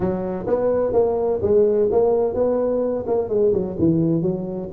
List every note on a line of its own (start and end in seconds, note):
0.00 0.46 F#3
0.46 0.92 B3
0.92 1.39 A#3
1.42 1.89 G#3
1.91 2.34 A#3
2.34 3.05 B3
3.06 3.28 A#3
3.28 3.52 G#3
3.52 3.76 F#3
3.78 4.22 E3
4.22 4.69 F#3